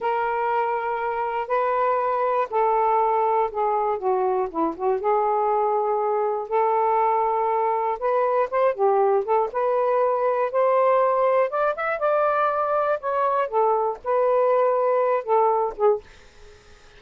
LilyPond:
\new Staff \with { instrumentName = "saxophone" } { \time 4/4 \tempo 4 = 120 ais'2. b'4~ | b'4 a'2 gis'4 | fis'4 e'8 fis'8 gis'2~ | gis'4 a'2. |
b'4 c''8 g'4 a'8 b'4~ | b'4 c''2 d''8 e''8 | d''2 cis''4 a'4 | b'2~ b'8 a'4 gis'8 | }